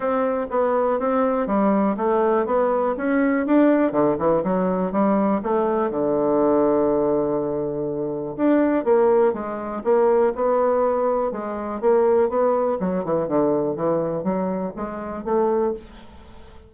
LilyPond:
\new Staff \with { instrumentName = "bassoon" } { \time 4/4 \tempo 4 = 122 c'4 b4 c'4 g4 | a4 b4 cis'4 d'4 | d8 e8 fis4 g4 a4 | d1~ |
d4 d'4 ais4 gis4 | ais4 b2 gis4 | ais4 b4 fis8 e8 d4 | e4 fis4 gis4 a4 | }